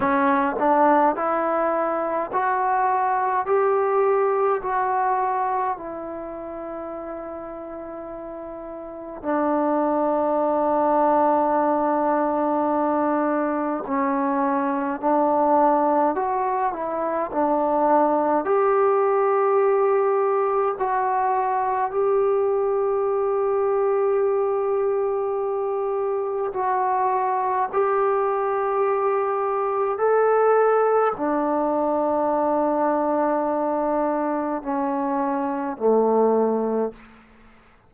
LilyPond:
\new Staff \with { instrumentName = "trombone" } { \time 4/4 \tempo 4 = 52 cis'8 d'8 e'4 fis'4 g'4 | fis'4 e'2. | d'1 | cis'4 d'4 fis'8 e'8 d'4 |
g'2 fis'4 g'4~ | g'2. fis'4 | g'2 a'4 d'4~ | d'2 cis'4 a4 | }